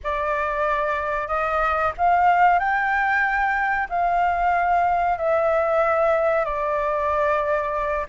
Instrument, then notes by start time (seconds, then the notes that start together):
flute
0.03 D5
1.27 D#5
1.97 F5
2.59 G5
3.89 F5
5.18 E5
6.44 D5